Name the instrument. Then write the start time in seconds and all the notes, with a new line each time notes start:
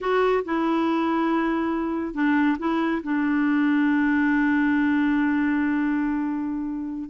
clarinet
0.00 F#4
0.45 E4
2.14 D4
2.58 E4
3.03 D4